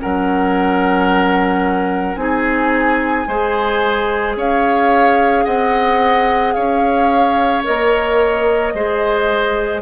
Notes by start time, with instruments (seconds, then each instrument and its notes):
0.00 bassoon F#3, clarinet C#4, oboe A#4, flute F#5
2.15 bassoon C4, clarinet D#4, oboe G#4, flute G#5
3.27 bassoon G#3, clarinet G#4, oboe C5
4.36 bassoon C#4, oboe C#5, flute F5
5.45 bassoon C4, oboe D#5, flute F#5
6.53 bassoon C#4, oboe C#5, flute F5
7.64 bassoon A#3, clarinet A#4, flute D#5
8.74 bassoon G#3, clarinet G#4, oboe C5